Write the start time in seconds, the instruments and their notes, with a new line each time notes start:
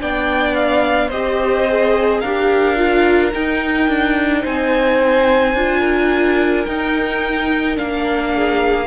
0.00 cello B3, viola D4, violin D5 G5
0.55 violin F5
1.08 cello C4, viola G4, violin C5 D#5
1.69 viola G#4
2.20 cello D4, violin A#4 F5
2.26 viola G4
2.77 viola F4
3.33 viola D#4, cello D#4, violin G5
3.89 cello D4
4.42 cello C4, violin C5 G#5
5.55 cello D4, viola F4
5.80 violin A#4
6.66 viola D#4, cello D#4, violin G5
7.75 cello A#3, viola D4, violin F5
8.35 violin G#4